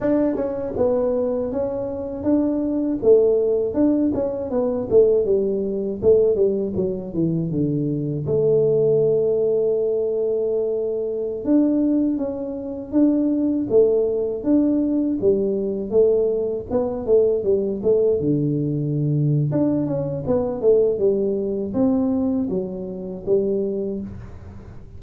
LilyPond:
\new Staff \with { instrumentName = "tuba" } { \time 4/4 \tempo 4 = 80 d'8 cis'8 b4 cis'4 d'4 | a4 d'8 cis'8 b8 a8 g4 | a8 g8 fis8 e8 d4 a4~ | a2.~ a16 d'8.~ |
d'16 cis'4 d'4 a4 d'8.~ | d'16 g4 a4 b8 a8 g8 a16~ | a16 d4.~ d16 d'8 cis'8 b8 a8 | g4 c'4 fis4 g4 | }